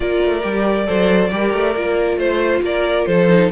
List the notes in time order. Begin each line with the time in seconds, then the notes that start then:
0.00 A#3 F4 A#4 D5
0.24 A3
0.43 G3 G4
0.86 F#3 A4 C5
1.31 G3 G4 A#4
1.53 A3
1.75 A#3 F4
2.17 A3 C5
2.61 A#3 A#4 D5
3.06 F3 A4 C5
3.29 D#4